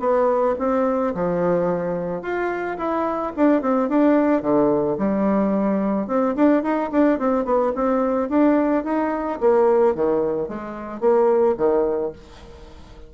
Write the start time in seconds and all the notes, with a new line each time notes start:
0.00 B3
0.59 C4
1.15 F3
2.22 F4
2.78 E4
3.36 D4
3.62 C4
3.89 D4
4.42 D3
4.98 G3
6.08 C4
6.36 D4
6.63 D#4
6.92 D4
7.19 C4
7.45 B3
7.75 C4
8.29 D4
8.84 D#4
9.41 A#3
9.95 D#3
10.49 G#3
11.01 A#3
11.57 D#3